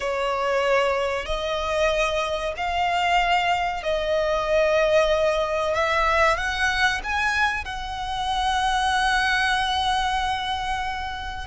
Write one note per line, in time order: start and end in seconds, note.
0.00 1.25 C#5
1.25 2.53 D#5
2.56 3.83 F5
3.83 5.74 D#5
5.74 6.37 E5
6.37 7.00 F#5
7.03 7.65 G#5
7.65 11.47 F#5